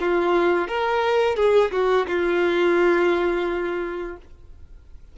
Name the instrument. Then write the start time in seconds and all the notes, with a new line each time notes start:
violin
0.00 F4
0.68 A#4
1.36 G#4
1.72 F#4
2.07 F4